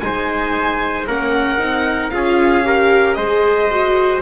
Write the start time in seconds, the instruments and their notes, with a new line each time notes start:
0.00 double bass G#3, viola D#4, trumpet C5, violin G#5
1.08 double bass A#3, viola C#4, trumpet A#4, violin F#5
1.59 double bass C4, viola D#4
2.11 double bass C#4, viola F4, trumpet G#4, violin F5
2.64 viola G4, trumpet A#4
3.15 double bass G#3, viola G#4, trumpet C5, violin D#5
3.71 viola F#4